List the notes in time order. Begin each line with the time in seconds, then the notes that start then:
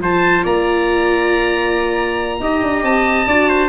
0.00 F3 F4 C5 A5
0.44 A#3 D5 A#5
2.40 D#4 G4 D#5
2.63 D4
2.83 C4 A5
3.27 D4 F#4 D5
3.49 C5